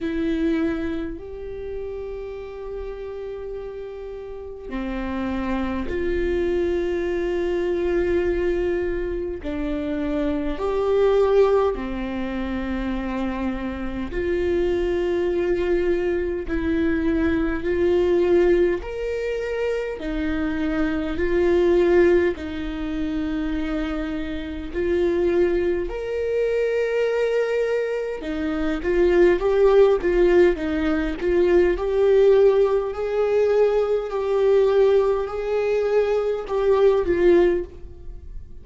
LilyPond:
\new Staff \with { instrumentName = "viola" } { \time 4/4 \tempo 4 = 51 e'4 g'2. | c'4 f'2. | d'4 g'4 c'2 | f'2 e'4 f'4 |
ais'4 dis'4 f'4 dis'4~ | dis'4 f'4 ais'2 | dis'8 f'8 g'8 f'8 dis'8 f'8 g'4 | gis'4 g'4 gis'4 g'8 f'8 | }